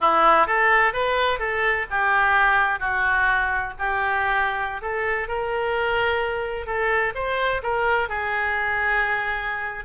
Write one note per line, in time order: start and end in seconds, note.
0.00 0.46 E4
0.46 0.93 A4
0.93 1.39 B4
1.39 1.86 A4
1.90 2.79 G4
2.79 3.73 F#4
3.79 4.81 G4
4.81 5.28 A4
5.28 6.66 A#4
6.66 7.13 A4
7.14 7.61 C5
7.62 8.09 A#4
8.09 9.84 G#4